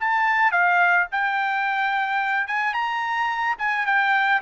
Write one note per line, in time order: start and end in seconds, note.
0.00 0.52 A5
0.52 1.07 F5
1.12 2.47 G5
2.47 2.74 G#5
2.74 3.56 A#5
3.59 3.86 G#5
3.86 4.41 G5